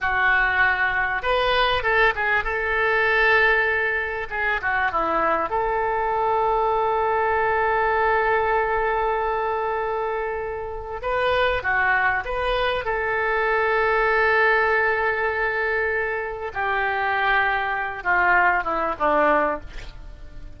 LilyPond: \new Staff \with { instrumentName = "oboe" } { \time 4/4 \tempo 4 = 98 fis'2 b'4 a'8 gis'8 | a'2. gis'8 fis'8 | e'4 a'2.~ | a'1~ |
a'2 b'4 fis'4 | b'4 a'2.~ | a'2. g'4~ | g'4. f'4 e'8 d'4 | }